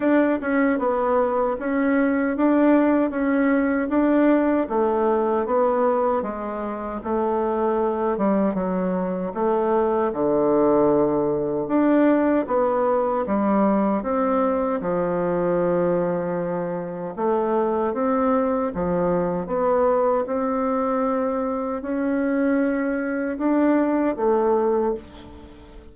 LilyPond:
\new Staff \with { instrumentName = "bassoon" } { \time 4/4 \tempo 4 = 77 d'8 cis'8 b4 cis'4 d'4 | cis'4 d'4 a4 b4 | gis4 a4. g8 fis4 | a4 d2 d'4 |
b4 g4 c'4 f4~ | f2 a4 c'4 | f4 b4 c'2 | cis'2 d'4 a4 | }